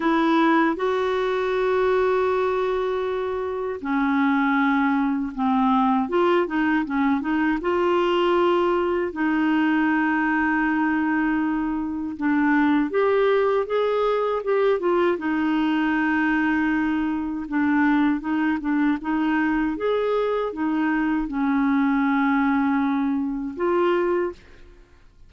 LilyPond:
\new Staff \with { instrumentName = "clarinet" } { \time 4/4 \tempo 4 = 79 e'4 fis'2.~ | fis'4 cis'2 c'4 | f'8 dis'8 cis'8 dis'8 f'2 | dis'1 |
d'4 g'4 gis'4 g'8 f'8 | dis'2. d'4 | dis'8 d'8 dis'4 gis'4 dis'4 | cis'2. f'4 | }